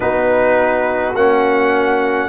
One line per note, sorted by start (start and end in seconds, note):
0.00 1.14 B3
0.00 1.14 D#4
0.00 2.28 F#4
0.00 1.15 B4
1.14 2.28 A#3
1.14 2.28 C#4
1.14 2.28 F#5